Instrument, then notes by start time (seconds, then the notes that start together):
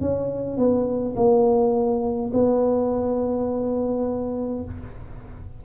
tuba
0.00 C#4
0.57 B3
1.16 A#3
2.33 B3